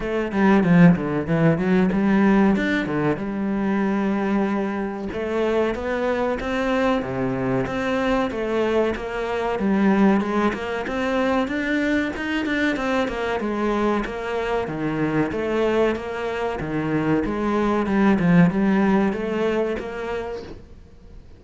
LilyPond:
\new Staff \with { instrumentName = "cello" } { \time 4/4 \tempo 4 = 94 a8 g8 f8 d8 e8 fis8 g4 | d'8 d8 g2. | a4 b4 c'4 c4 | c'4 a4 ais4 g4 |
gis8 ais8 c'4 d'4 dis'8 d'8 | c'8 ais8 gis4 ais4 dis4 | a4 ais4 dis4 gis4 | g8 f8 g4 a4 ais4 | }